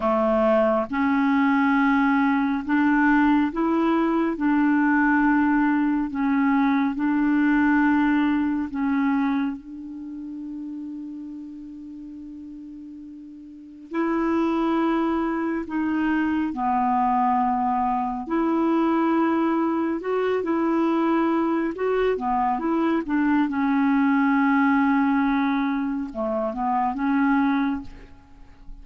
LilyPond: \new Staff \with { instrumentName = "clarinet" } { \time 4/4 \tempo 4 = 69 a4 cis'2 d'4 | e'4 d'2 cis'4 | d'2 cis'4 d'4~ | d'1 |
e'2 dis'4 b4~ | b4 e'2 fis'8 e'8~ | e'4 fis'8 b8 e'8 d'8 cis'4~ | cis'2 a8 b8 cis'4 | }